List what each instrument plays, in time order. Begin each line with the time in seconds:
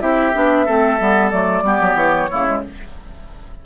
0.00 bassoon C4, clarinet E4, oboe G4, flute E5
0.34 bassoon B3, clarinet D4
0.66 bassoon A3, clarinet C4, oboe A4
1.00 bassoon G3, clarinet B3
1.30 bassoon F#3, clarinet A3, flute D5
1.62 bassoon G3, clarinet B3, oboe G4
1.81 bassoon F#3
1.94 bassoon E3, flute C#5
2.30 bassoon C#3, clarinet A#3, oboe E4
2.46 clarinet G#3